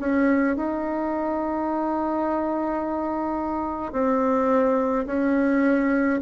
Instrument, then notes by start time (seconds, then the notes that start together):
bassoon
0.00 C#4
0.57 D#4
3.93 C4
5.07 C#4